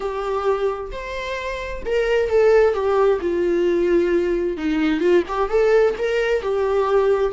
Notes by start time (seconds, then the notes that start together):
0.00 G4
0.91 C5
1.85 A#4
2.29 A4
2.74 G4
3.20 F4
4.57 D#4
5.00 F4
5.28 G4
5.49 A4
5.98 A#4
6.42 G4